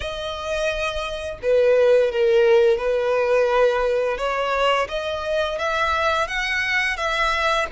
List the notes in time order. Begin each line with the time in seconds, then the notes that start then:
0.00 D#5
1.42 B4
2.11 A#4
2.78 B4
4.17 C#5
4.88 D#5
5.58 E5
6.27 F#5
6.96 E5